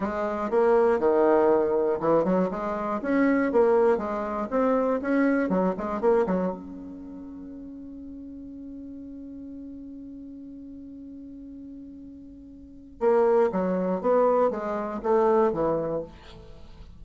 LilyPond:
\new Staff \with { instrumentName = "bassoon" } { \time 4/4 \tempo 4 = 120 gis4 ais4 dis2 | e8 fis8 gis4 cis'4 ais4 | gis4 c'4 cis'4 fis8 gis8 | ais8 fis8 cis'2.~ |
cis'1~ | cis'1~ | cis'2 ais4 fis4 | b4 gis4 a4 e4 | }